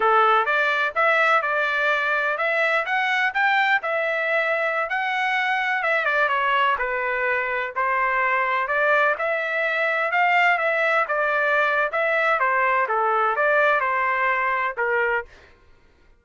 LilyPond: \new Staff \with { instrumentName = "trumpet" } { \time 4/4 \tempo 4 = 126 a'4 d''4 e''4 d''4~ | d''4 e''4 fis''4 g''4 | e''2~ e''16 fis''4.~ fis''16~ | fis''16 e''8 d''8 cis''4 b'4.~ b'16~ |
b'16 c''2 d''4 e''8.~ | e''4~ e''16 f''4 e''4 d''8.~ | d''4 e''4 c''4 a'4 | d''4 c''2 ais'4 | }